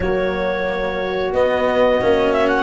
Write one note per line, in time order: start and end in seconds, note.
0.00 1.32 F#3
0.00 1.34 A#3
0.00 2.63 F#4
0.00 1.33 C#5
1.32 1.99 B3
1.32 2.01 B3
1.32 2.32 D#5
2.01 2.63 A#3
2.01 2.63 C#4
2.32 2.47 E5
2.47 2.63 F#5